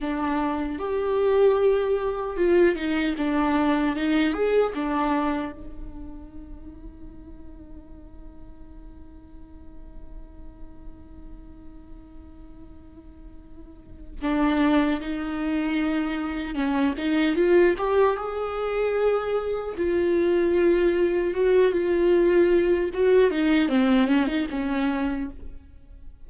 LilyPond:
\new Staff \with { instrumentName = "viola" } { \time 4/4 \tempo 4 = 76 d'4 g'2 f'8 dis'8 | d'4 dis'8 gis'8 d'4 dis'4~ | dis'1~ | dis'1~ |
dis'2 d'4 dis'4~ | dis'4 cis'8 dis'8 f'8 g'8 gis'4~ | gis'4 f'2 fis'8 f'8~ | f'4 fis'8 dis'8 c'8 cis'16 dis'16 cis'4 | }